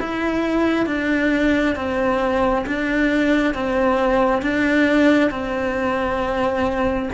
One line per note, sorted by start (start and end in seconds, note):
0.00 0.85 E4
0.85 1.75 D4
1.75 2.65 C4
2.66 3.54 D4
3.54 4.42 C4
4.42 5.30 D4
5.30 7.09 C4